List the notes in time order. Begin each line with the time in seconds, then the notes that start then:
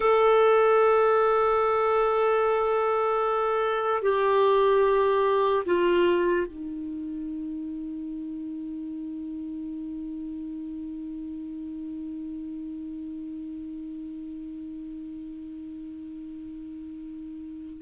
0.00 A4
4.02 G4
5.65 F4
6.46 D#4